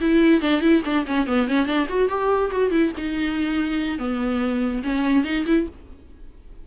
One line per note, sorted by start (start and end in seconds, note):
0.00 0.41 E4
0.41 0.61 D4
0.61 0.82 E4
0.84 1.05 D4
1.06 1.26 C#4
1.26 1.47 B3
1.47 1.66 C#4
1.66 1.87 D4
1.88 2.08 F#4
2.08 2.50 G4
2.51 2.71 F#4
2.71 2.92 E4
2.97 3.98 D#4
3.98 4.82 B3
4.83 5.24 C#4
5.24 5.45 D#4
5.46 5.67 E4